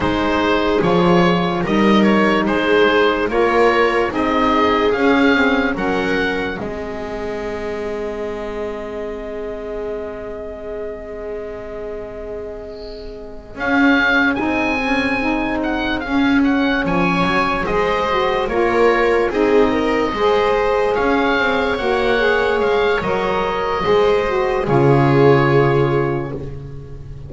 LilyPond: <<
  \new Staff \with { instrumentName = "oboe" } { \time 4/4 \tempo 4 = 73 c''4 cis''4 dis''8 cis''8 c''4 | cis''4 dis''4 f''4 fis''4 | dis''1~ | dis''1~ |
dis''8 f''4 gis''4. fis''8 f''8 | fis''8 gis''4 dis''4 cis''4 dis''8~ | dis''4. f''4 fis''4 f''8 | dis''2 cis''2 | }
  \new Staff \with { instrumentName = "viola" } { \time 4/4 gis'2 ais'4 gis'4 | ais'4 gis'2 ais'4 | gis'1~ | gis'1~ |
gis'1~ | gis'8 cis''4 c''4 ais'4 gis'8 | ais'8 c''4 cis''2~ cis''8~ | cis''4 c''4 gis'2 | }
  \new Staff \with { instrumentName = "saxophone" } { \time 4/4 dis'4 f'4 dis'2 | f'4 dis'4 cis'8 c'8 cis'4 | c'1~ | c'1~ |
c'8 cis'4 dis'8 cis'8 dis'4 cis'8~ | cis'4. gis'8 fis'8 f'4 dis'8~ | dis'8 gis'2 fis'8 gis'4 | ais'4 gis'8 fis'8 f'2 | }
  \new Staff \with { instrumentName = "double bass" } { \time 4/4 gis4 f4 g4 gis4 | ais4 c'4 cis'4 fis4 | gis1~ | gis1~ |
gis8 cis'4 c'2 cis'8~ | cis'8 f8 fis8 gis4 ais4 c'8~ | c'8 gis4 cis'8 c'8 ais4 gis8 | fis4 gis4 cis2 | }
>>